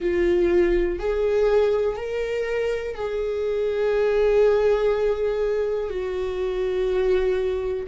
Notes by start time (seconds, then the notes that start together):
0.00 F4
0.99 G#4
1.96 A#4
2.95 G#4
5.90 F#4